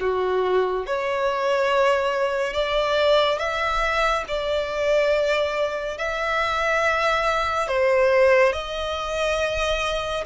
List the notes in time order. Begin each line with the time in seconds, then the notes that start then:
0.00 F#4
0.86 C#5
2.53 D5
3.38 E5
4.27 D5
5.98 E5
7.67 C5
8.52 D#5